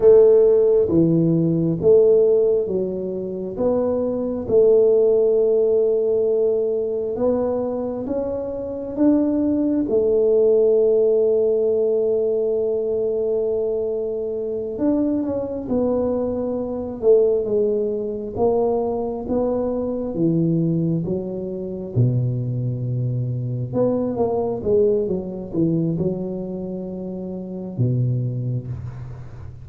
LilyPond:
\new Staff \with { instrumentName = "tuba" } { \time 4/4 \tempo 4 = 67 a4 e4 a4 fis4 | b4 a2. | b4 cis'4 d'4 a4~ | a1~ |
a8 d'8 cis'8 b4. a8 gis8~ | gis8 ais4 b4 e4 fis8~ | fis8 b,2 b8 ais8 gis8 | fis8 e8 fis2 b,4 | }